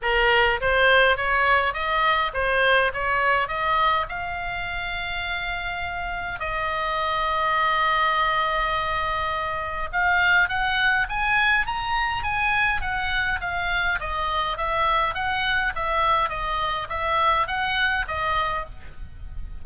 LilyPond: \new Staff \with { instrumentName = "oboe" } { \time 4/4 \tempo 4 = 103 ais'4 c''4 cis''4 dis''4 | c''4 cis''4 dis''4 f''4~ | f''2. dis''4~ | dis''1~ |
dis''4 f''4 fis''4 gis''4 | ais''4 gis''4 fis''4 f''4 | dis''4 e''4 fis''4 e''4 | dis''4 e''4 fis''4 dis''4 | }